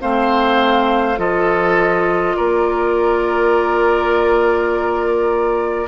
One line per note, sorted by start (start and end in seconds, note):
0.00 1.18 A3
0.00 1.16 C4
0.00 1.19 C5
0.00 1.19 F5
1.16 2.36 F3
1.16 5.87 F4
1.16 2.37 A4
1.16 2.36 D#5
2.36 5.88 A#3
2.36 5.88 A#4
2.36 5.88 D5